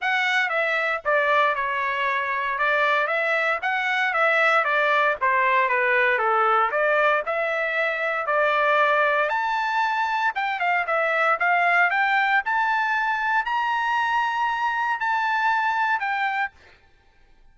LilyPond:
\new Staff \with { instrumentName = "trumpet" } { \time 4/4 \tempo 4 = 116 fis''4 e''4 d''4 cis''4~ | cis''4 d''4 e''4 fis''4 | e''4 d''4 c''4 b'4 | a'4 d''4 e''2 |
d''2 a''2 | g''8 f''8 e''4 f''4 g''4 | a''2 ais''2~ | ais''4 a''2 g''4 | }